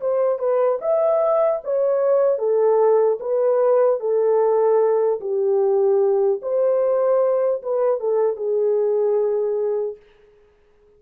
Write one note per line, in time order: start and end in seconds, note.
0.00 0.39 C5
0.39 0.79 B4
0.81 1.61 E5
1.64 2.38 C#5
2.38 3.18 A4
3.20 4.00 B4
4.00 5.20 A4
5.20 6.40 G4
6.42 7.62 C5
7.62 8.00 B4
8.00 8.36 A4
8.36 9.96 G#4